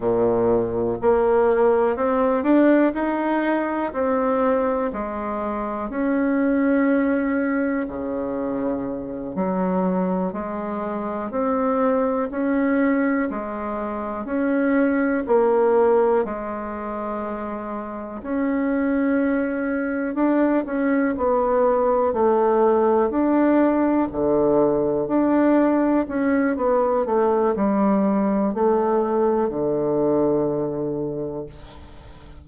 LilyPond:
\new Staff \with { instrumentName = "bassoon" } { \time 4/4 \tempo 4 = 61 ais,4 ais4 c'8 d'8 dis'4 | c'4 gis4 cis'2 | cis4. fis4 gis4 c'8~ | c'8 cis'4 gis4 cis'4 ais8~ |
ais8 gis2 cis'4.~ | cis'8 d'8 cis'8 b4 a4 d'8~ | d'8 d4 d'4 cis'8 b8 a8 | g4 a4 d2 | }